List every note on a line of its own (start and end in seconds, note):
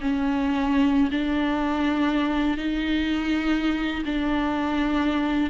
0.00 1.10 C#4
1.10 2.57 D4
2.57 4.03 D#4
4.05 5.50 D4